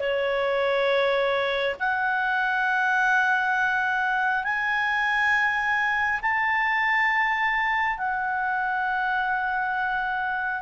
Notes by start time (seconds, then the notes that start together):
0.00 C#5
1.80 F#5
4.44 G#5
6.22 A5
7.98 F#5